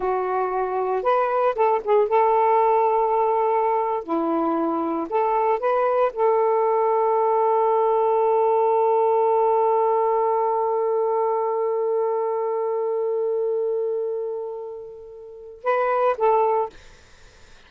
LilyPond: \new Staff \with { instrumentName = "saxophone" } { \time 4/4 \tempo 4 = 115 fis'2 b'4 a'8 gis'8 | a'2.~ a'8. e'16~ | e'4.~ e'16 a'4 b'4 a'16~ | a'1~ |
a'1~ | a'1~ | a'1~ | a'2 b'4 a'4 | }